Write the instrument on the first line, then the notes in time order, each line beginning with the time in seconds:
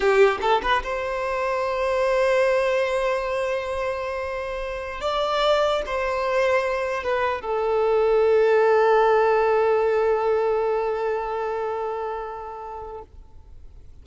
violin
0.00 G4
0.41 A4
0.62 B4
0.83 C5
5.01 D5
5.86 C5
7.03 B4
7.41 A4